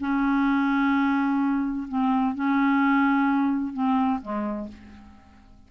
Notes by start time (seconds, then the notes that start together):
0.00 C#4
1.88 C4
2.35 C#4
3.74 C4
4.22 G#3